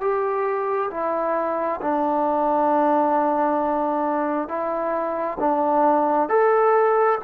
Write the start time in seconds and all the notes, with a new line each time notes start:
0.00 G4
0.90 E4
1.81 D4
4.48 E4
5.40 D4
6.29 A4